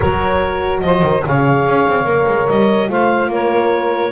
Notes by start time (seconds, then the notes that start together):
0.00 F#3 F#4 A#4 C#5
0.80 F3 C5 D#5
1.02 D#3
1.25 C#3 G#4 C#5 F5
1.66 C#4
1.87 C4
2.05 A#3 A#4
2.27 G#3
2.48 G3 D#5
2.87 A3 F4 C5 F5
3.28 A#3 A#4 C#5